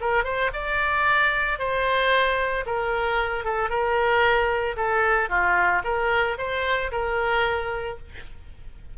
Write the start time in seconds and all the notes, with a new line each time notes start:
0.00 A#4
0.24 C5
0.53 D5
1.59 C5
2.66 A#4
3.44 A4
3.70 A#4
4.76 A4
5.29 F4
5.84 A#4
6.38 C5
6.91 A#4